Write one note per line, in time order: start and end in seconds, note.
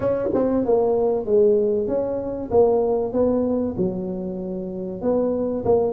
0.00 0.28 C#4
0.34 0.65 C4
0.65 1.25 A#3
1.25 1.87 G#3
1.87 2.50 C#4
2.50 3.12 A#3
3.12 3.75 B3
3.77 5.01 F#3
5.01 5.64 B3
5.64 5.93 A#3